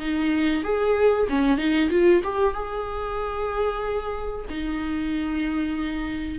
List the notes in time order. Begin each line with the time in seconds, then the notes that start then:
0.00 D#4
0.64 G#4
1.30 C#4
1.58 D#4
1.91 F4
2.24 G4
2.55 G#4
4.50 D#4